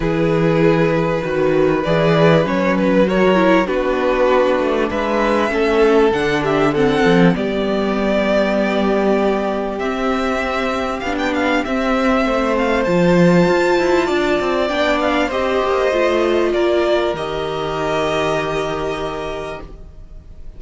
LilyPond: <<
  \new Staff \with { instrumentName = "violin" } { \time 4/4 \tempo 4 = 98 b'2. d''4 | cis''8 b'8 cis''4 b'2 | e''2 fis''8 e''8 fis''4 | d''1 |
e''2 f''16 g''16 f''8 e''4~ | e''8 f''8 a''2. | g''8 f''8 dis''2 d''4 | dis''1 | }
  \new Staff \with { instrumentName = "violin" } { \time 4/4 gis'2 b'2~ | b'4 ais'4 fis'2 | b'4 a'4. g'8 a'4 | g'1~ |
g'1 | c''2. d''4~ | d''4 c''2 ais'4~ | ais'1 | }
  \new Staff \with { instrumentName = "viola" } { \time 4/4 e'2 fis'4 gis'4 | cis'4 fis'8 e'8 d'2~ | d'4 cis'4 d'4 c'4 | b1 |
c'2 d'4 c'4~ | c'4 f'2. | d'4 g'4 f'2 | g'1 | }
  \new Staff \with { instrumentName = "cello" } { \time 4/4 e2 dis4 e4 | fis2 b4. a8 | gis4 a4 d4. f8 | g1 |
c'2 b4 c'4 | a4 f4 f'8 e'8 d'8 c'8 | b4 c'8 ais8 a4 ais4 | dis1 | }
>>